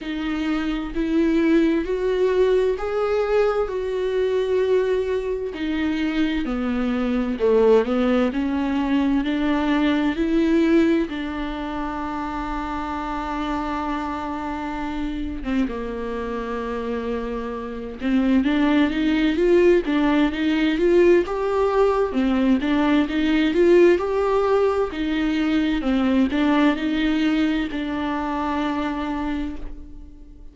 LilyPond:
\new Staff \with { instrumentName = "viola" } { \time 4/4 \tempo 4 = 65 dis'4 e'4 fis'4 gis'4 | fis'2 dis'4 b4 | a8 b8 cis'4 d'4 e'4 | d'1~ |
d'8. c'16 ais2~ ais8 c'8 | d'8 dis'8 f'8 d'8 dis'8 f'8 g'4 | c'8 d'8 dis'8 f'8 g'4 dis'4 | c'8 d'8 dis'4 d'2 | }